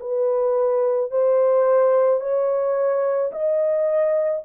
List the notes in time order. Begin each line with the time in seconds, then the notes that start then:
0.00 B4
1.11 C5
2.20 C#5
3.32 D#5